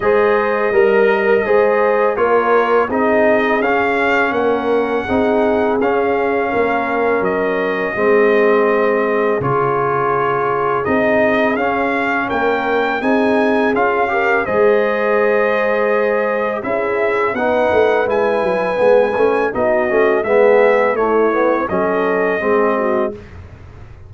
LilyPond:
<<
  \new Staff \with { instrumentName = "trumpet" } { \time 4/4 \tempo 4 = 83 dis''2. cis''4 | dis''4 f''4 fis''2 | f''2 dis''2~ | dis''4 cis''2 dis''4 |
f''4 g''4 gis''4 f''4 | dis''2. e''4 | fis''4 gis''2 dis''4 | e''4 cis''4 dis''2 | }
  \new Staff \with { instrumentName = "horn" } { \time 4/4 c''4 ais'4 c''4 ais'4 | gis'2 ais'4 gis'4~ | gis'4 ais'2 gis'4~ | gis'1~ |
gis'4 ais'4 gis'4. ais'8 | c''2. gis'4 | b'2. fis'4 | gis'4 e'4 a'4 gis'8 fis'8 | }
  \new Staff \with { instrumentName = "trombone" } { \time 4/4 gis'4 ais'4 gis'4 f'4 | dis'4 cis'2 dis'4 | cis'2. c'4~ | c'4 f'2 dis'4 |
cis'2 dis'4 f'8 g'8 | gis'2. e'4 | dis'4 e'4 b8 cis'8 dis'8 cis'8 | b4 a8 b8 cis'4 c'4 | }
  \new Staff \with { instrumentName = "tuba" } { \time 4/4 gis4 g4 gis4 ais4 | c'4 cis'4 ais4 c'4 | cis'4 ais4 fis4 gis4~ | gis4 cis2 c'4 |
cis'4 ais4 c'4 cis'4 | gis2. cis'4 | b8 a8 gis8 fis8 gis8 a8 b8 a8 | gis4 a4 fis4 gis4 | }
>>